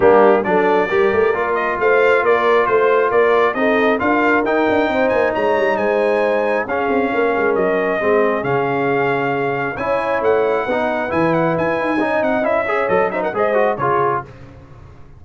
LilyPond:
<<
  \new Staff \with { instrumentName = "trumpet" } { \time 4/4 \tempo 4 = 135 g'4 d''2~ d''8 dis''8 | f''4 d''4 c''4 d''4 | dis''4 f''4 g''4. gis''8 | ais''4 gis''2 f''4~ |
f''4 dis''2 f''4~ | f''2 gis''4 fis''4~ | fis''4 gis''8 fis''8 gis''4. fis''8 | e''4 dis''8 e''16 fis''16 dis''4 cis''4 | }
  \new Staff \with { instrumentName = "horn" } { \time 4/4 d'4 a'4 ais'2 | c''4 ais'4 c''4 ais'4 | a'4 ais'2 c''4 | cis''4 c''2 gis'4 |
ais'2 gis'2~ | gis'2 cis''2 | b'2. dis''4~ | dis''8 cis''4 c''16 ais'16 c''4 gis'4 | }
  \new Staff \with { instrumentName = "trombone" } { \time 4/4 ais4 d'4 g'4 f'4~ | f'1 | dis'4 f'4 dis'2~ | dis'2. cis'4~ |
cis'2 c'4 cis'4~ | cis'2 e'2 | dis'4 e'2 dis'4 | e'8 gis'8 a'8 dis'8 gis'8 fis'8 f'4 | }
  \new Staff \with { instrumentName = "tuba" } { \time 4/4 g4 fis4 g8 a8 ais4 | a4 ais4 a4 ais4 | c'4 d'4 dis'8 d'8 c'8 ais8 | gis8 g8 gis2 cis'8 c'8 |
ais8 gis8 fis4 gis4 cis4~ | cis2 cis'4 a4 | b4 e4 e'8 dis'8 cis'8 c'8 | cis'4 fis4 gis4 cis4 | }
>>